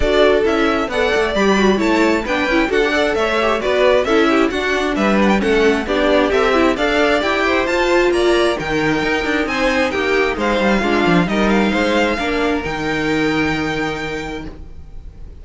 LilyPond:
<<
  \new Staff \with { instrumentName = "violin" } { \time 4/4 \tempo 4 = 133 d''4 e''4 fis''4 b''4 | a''4 g''4 fis''4 e''4 | d''4 e''4 fis''4 e''8 fis''16 g''16 | fis''4 d''4 e''4 f''4 |
g''4 a''4 ais''4 g''4~ | g''4 gis''4 g''4 f''4~ | f''4 dis''8 f''2~ f''8 | g''1 | }
  \new Staff \with { instrumentName = "violin" } { \time 4/4 a'2 d''2 | cis''4 b'4 a'8 d''8 cis''4 | b'4 a'8 g'8 fis'4 b'4 | a'4 g'2 d''4~ |
d''8 c''4. d''4 ais'4~ | ais'4 c''4 g'4 c''4 | f'4 ais'4 c''4 ais'4~ | ais'1 | }
  \new Staff \with { instrumentName = "viola" } { \time 4/4 fis'4 e'4 a'4 g'8 fis'8 | e'4 d'8 e'8 fis'16 g'16 a'4 g'8 | fis'4 e'4 d'2 | cis'4 d'4 a'8 e'8 a'4 |
g'4 f'2 dis'4~ | dis'1 | d'4 dis'2 d'4 | dis'1 | }
  \new Staff \with { instrumentName = "cello" } { \time 4/4 d'4 cis'4 b8 a8 g4 | a4 b8 cis'8 d'4 a4 | b4 cis'4 d'4 g4 | a4 b4 c'4 d'4 |
e'4 f'4 ais4 dis4 | dis'8 d'8 c'4 ais4 gis8 g8 | gis8 f8 g4 gis4 ais4 | dis1 | }
>>